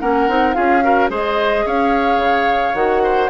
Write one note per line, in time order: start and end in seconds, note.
0.00 0.28 A#3
0.00 0.29 C#4
0.00 0.56 A#4
0.00 0.54 F#5
0.28 0.56 C4
0.28 0.54 D#4
0.54 1.10 C#4
0.54 0.82 F4
0.54 0.84 G#4
0.54 1.09 F5
0.82 1.09 F#4
0.82 1.10 A#4
1.09 1.65 G#3
1.09 2.74 G#4
1.09 1.65 C5
1.09 1.67 D#5
1.66 2.18 C#4
1.66 3.03 C#5
1.66 2.75 F5
2.18 2.73 C#3
2.74 3.29 D#3
2.74 3.30 F#4
2.74 3.30 F#5
3.03 3.30 C5